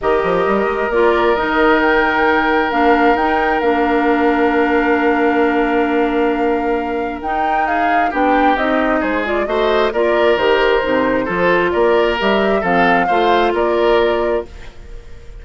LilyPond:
<<
  \new Staff \with { instrumentName = "flute" } { \time 4/4 \tempo 4 = 133 dis''2 d''4 dis''4 | g''2 f''4 g''4 | f''1~ | f''1 |
g''4 f''4 g''4 dis''4 | c''8 d''8 dis''4 d''4 c''4~ | c''2 d''4 e''4 | f''2 d''2 | }
  \new Staff \with { instrumentName = "oboe" } { \time 4/4 ais'1~ | ais'1~ | ais'1~ | ais'1~ |
ais'4 gis'4 g'2 | gis'4 c''4 ais'2~ | ais'4 a'4 ais'2 | a'4 c''4 ais'2 | }
  \new Staff \with { instrumentName = "clarinet" } { \time 4/4 g'2 f'4 dis'4~ | dis'2 d'4 dis'4 | d'1~ | d'1 |
dis'2 d'4 dis'4~ | dis'8 f'8 fis'4 f'4 g'4 | dis'4 f'2 g'4 | c'4 f'2. | }
  \new Staff \with { instrumentName = "bassoon" } { \time 4/4 dis8 f8 g8 gis8 ais4 dis4~ | dis2 ais4 dis'4 | ais1~ | ais1 |
dis'2 b4 c'4 | gis4 a4 ais4 dis4 | c4 f4 ais4 g4 | f4 a4 ais2 | }
>>